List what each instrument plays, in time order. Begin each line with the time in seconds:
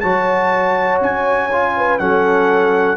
0.00 tuba F#3, trombone F#4, horn C#5, trumpet A5
1.00 tuba C#4, trumpet G#5
1.51 trombone F4
1.76 horn B4
1.98 tuba F#3, trombone C#4, horn A4, trumpet F#5